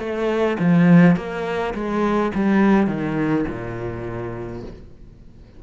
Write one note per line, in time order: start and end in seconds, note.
0.00 0.58 A3
0.60 1.16 F3
1.16 1.74 A#3
1.75 2.32 G#3
2.35 2.87 G3
2.87 3.45 D#3
3.48 4.64 A#2